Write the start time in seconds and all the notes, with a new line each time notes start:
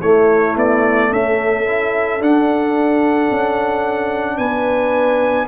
0.00 A3 E4 C#5
0.57 B3 D5
1.12 C#4 A4 E5
1.67 E4
2.21 D4 F#5
3.31 C#4
4.37 B3 B4 G#5